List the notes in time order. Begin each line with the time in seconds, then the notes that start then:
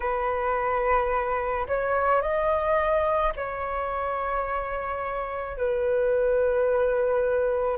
0.00 B4
1.67 C#5
2.21 D#5
3.36 C#5
5.57 B4